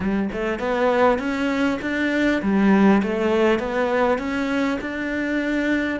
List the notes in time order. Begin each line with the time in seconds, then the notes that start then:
0.00 G3
0.32 A3
0.59 B3
1.18 C#4
1.81 D4
2.42 G3
3.02 A3
3.59 B3
4.18 C#4
4.81 D4